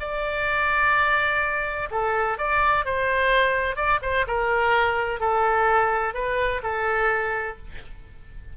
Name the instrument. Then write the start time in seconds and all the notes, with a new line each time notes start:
oboe
0.00 D5
1.91 A4
2.38 D5
2.85 C5
3.76 D5
4.02 C5
4.28 A#4
5.20 A4
6.14 B4
6.63 A4